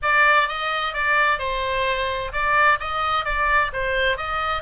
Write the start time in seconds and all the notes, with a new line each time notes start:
0.02 D5
0.48 D#5
0.93 D5
1.38 C5
2.32 D5
2.79 D#5
3.24 D5
3.72 C5
4.17 D#5